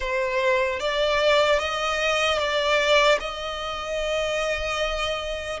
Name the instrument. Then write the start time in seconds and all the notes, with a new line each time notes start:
violin
0.00 C5
0.79 D5
1.59 D#5
2.38 D5
3.20 D#5